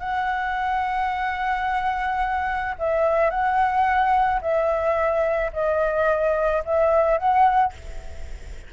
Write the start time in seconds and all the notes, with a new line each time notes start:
0.00 F#5
2.79 E5
3.30 F#5
4.41 E5
5.53 D#5
6.65 E5
7.18 F#5